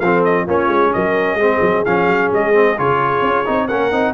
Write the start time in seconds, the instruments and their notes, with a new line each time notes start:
0.00 tuba F3, trombone C4, horn A4, trumpet F5
0.25 trumpet D#5
0.45 tuba A#3, trombone C#4, horn F4, trumpet C#5
0.68 tuba G#3
0.93 tuba F#3, horn A#4, trumpet D#5
1.34 tuba G#3, trombone C4, horn G#4
1.61 tuba F#3
1.85 tuba F3, trombone C#4, trumpet F5
2.08 tuba F#3
2.33 tuba G#3, trumpet D#5
2.53 trombone C4
2.78 tuba C#3, trombone F4, trumpet C#5
3.22 tuba C#4
3.46 tuba C4, trombone D#4
3.68 tuba A#3, trombone C#4, horn A#4, trumpet F#5
3.92 tuba C4, trombone D#4